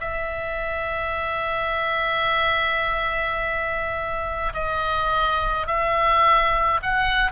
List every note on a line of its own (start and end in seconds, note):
0.00 4.53 E5
4.53 5.67 D#5
5.67 6.80 E5
6.82 7.31 F#5